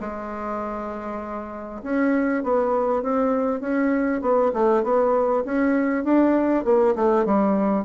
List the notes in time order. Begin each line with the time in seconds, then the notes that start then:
0.00 G#3
1.83 C#4
2.43 B3
3.02 C4
3.61 C#4
4.21 B3
4.53 A3
4.83 B3
5.45 C#4
6.04 D4
6.64 A#3
6.95 A3
7.25 G3